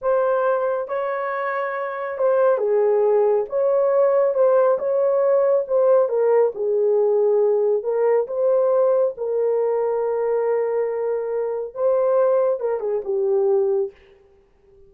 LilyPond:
\new Staff \with { instrumentName = "horn" } { \time 4/4 \tempo 4 = 138 c''2 cis''2~ | cis''4 c''4 gis'2 | cis''2 c''4 cis''4~ | cis''4 c''4 ais'4 gis'4~ |
gis'2 ais'4 c''4~ | c''4 ais'2.~ | ais'2. c''4~ | c''4 ais'8 gis'8 g'2 | }